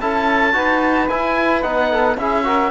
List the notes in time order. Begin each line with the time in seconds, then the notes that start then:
0.00 C#4 E4 A4 A5
0.53 D#4 F#4 B4
1.09 E4 G#5
1.62 B3 D#4 F#5
1.90 A4
2.17 C#4 E4 G#4 E5
2.44 F#4 A#4